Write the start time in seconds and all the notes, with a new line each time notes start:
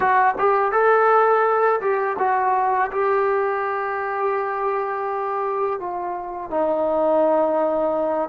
0.00 F#4
0.38 G4
0.72 A4
1.80 G4
2.18 F#4
2.91 G4
5.79 F4
6.50 D#4